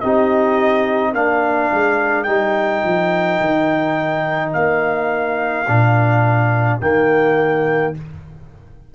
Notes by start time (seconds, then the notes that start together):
0.00 C4 D#4 G4 D#5
1.11 A#3 D4 A#4 F5
1.71 G#3
2.23 G3 D#4 G5
2.83 F3
3.40 D#3
4.53 A#3 F5
5.67 A#2 D4
6.81 D#3 A#3 G5